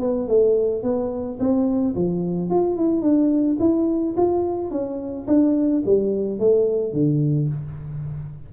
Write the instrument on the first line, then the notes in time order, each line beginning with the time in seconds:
tuba
0.00 B3
0.28 A3
0.83 B3
1.39 C4
1.95 F3
2.50 F4
2.76 E4
3.01 D4
3.59 E4
4.17 F4
4.71 C#4
5.27 D4
5.85 G3
6.39 A3
6.93 D3